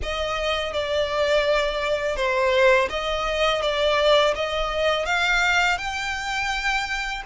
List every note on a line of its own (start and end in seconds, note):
0.02 0.73 D#5
0.73 2.16 D5
2.16 2.88 C5
2.89 3.61 D#5
3.61 4.34 D5
4.35 5.05 D#5
5.05 5.77 F5
5.77 7.22 G5